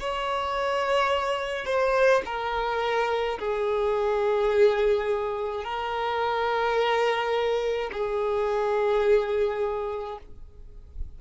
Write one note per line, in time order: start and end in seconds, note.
0.00 1.66 C#5
1.66 2.22 C5
2.26 3.39 A#4
3.39 5.64 G#4
5.64 7.91 A#4
7.92 10.19 G#4